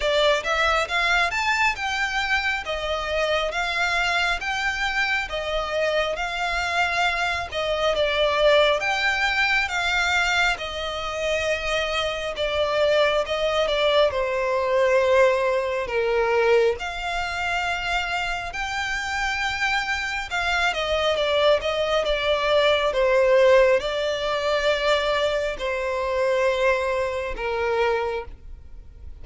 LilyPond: \new Staff \with { instrumentName = "violin" } { \time 4/4 \tempo 4 = 68 d''8 e''8 f''8 a''8 g''4 dis''4 | f''4 g''4 dis''4 f''4~ | f''8 dis''8 d''4 g''4 f''4 | dis''2 d''4 dis''8 d''8 |
c''2 ais'4 f''4~ | f''4 g''2 f''8 dis''8 | d''8 dis''8 d''4 c''4 d''4~ | d''4 c''2 ais'4 | }